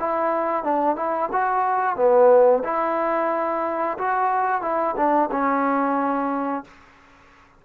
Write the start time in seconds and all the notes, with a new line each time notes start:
0.00 E4
0.64 D4
0.96 E4
1.32 F#4
1.96 B3
2.65 E4
3.98 F#4
4.62 E4
4.97 D4
5.32 C#4